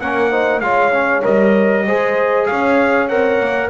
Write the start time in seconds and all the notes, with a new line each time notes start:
0.00 A#3 C#4 A#4 F#5
0.30 D#4 C5
0.60 G#3 F4 C#5 F5
0.92 C#4
1.22 G3 A#4 D#5
1.86 G#3 G#4 C5
2.46 C#4 C#5 F5
3.08 C4 A#4 F#5
3.40 A#3